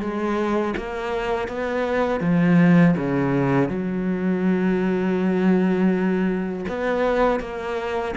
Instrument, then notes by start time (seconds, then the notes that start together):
cello
0.00 G#3
0.77 A#3
1.48 B3
2.21 F3
2.97 C#3
3.69 F#3
6.68 B3
7.40 A#3